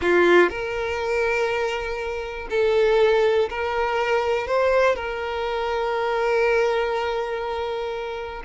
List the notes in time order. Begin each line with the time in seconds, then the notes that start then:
0.01 F4
0.49 A#4
2.50 A4
3.49 A#4
4.47 C5
4.95 A#4